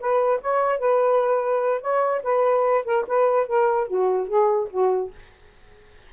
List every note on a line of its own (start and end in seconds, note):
0.00 0.41 B4
0.41 0.79 C#5
0.79 1.81 B4
1.81 2.22 C#5
2.24 2.85 B4
2.85 3.05 A#4
3.07 3.47 B4
3.47 3.88 A#4
3.88 4.28 F#4
4.28 4.69 G#4
4.70 5.11 F#4